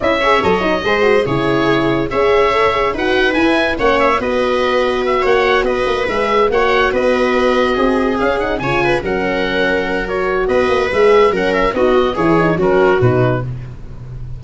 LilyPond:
<<
  \new Staff \with { instrumentName = "oboe" } { \time 4/4 \tempo 4 = 143 e''4 dis''2 cis''4~ | cis''4 e''2 fis''4 | gis''4 fis''8 e''8 dis''2 | e''8 fis''4 dis''4 e''4 fis''8~ |
fis''8 dis''2. f''8 | fis''8 gis''4 fis''2~ fis''8 | cis''4 dis''4 e''4 fis''8 e''8 | dis''4 cis''4 ais'4 b'4 | }
  \new Staff \with { instrumentName = "viola" } { \time 4/4 dis''8 cis''4. c''4 gis'4~ | gis'4 cis''2 b'4~ | b'4 cis''4 b'2~ | b'8 cis''4 b'2 cis''8~ |
cis''8 b'2 gis'4.~ | gis'8 cis''8 b'8 ais'2~ ais'8~ | ais'4 b'2 ais'4 | fis'4 gis'4 fis'2 | }
  \new Staff \with { instrumentName = "horn" } { \time 4/4 e'8 gis'8 a'8 dis'8 gis'8 fis'8 e'4~ | e'4 gis'4 a'8 gis'8 fis'4 | e'4 cis'4 fis'2~ | fis'2~ fis'8 gis'4 fis'8~ |
fis'2.~ fis'8 cis'8 | dis'8 f'4 cis'2~ cis'8 | fis'2 gis'4 cis'4 | dis'8 fis'8 e'8 dis'8 cis'4 dis'4 | }
  \new Staff \with { instrumentName = "tuba" } { \time 4/4 cis'4 fis4 gis4 cis4~ | cis4 cis'2 dis'4 | e'4 ais4 b2~ | b8 ais4 b8 ais8 gis4 ais8~ |
ais8 b2 c'4 cis'8~ | cis'8 cis4 fis2~ fis8~ | fis4 b8 ais8 gis4 fis4 | b4 e4 fis4 b,4 | }
>>